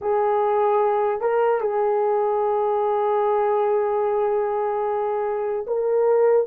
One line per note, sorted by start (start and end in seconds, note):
0.01 1.20 G#4
1.20 1.60 A#4
1.60 5.66 G#4
5.66 6.46 A#4